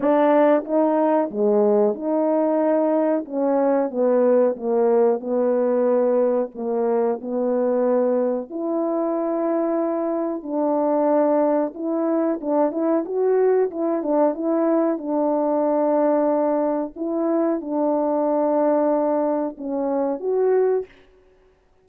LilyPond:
\new Staff \with { instrumentName = "horn" } { \time 4/4 \tempo 4 = 92 d'4 dis'4 gis4 dis'4~ | dis'4 cis'4 b4 ais4 | b2 ais4 b4~ | b4 e'2. |
d'2 e'4 d'8 e'8 | fis'4 e'8 d'8 e'4 d'4~ | d'2 e'4 d'4~ | d'2 cis'4 fis'4 | }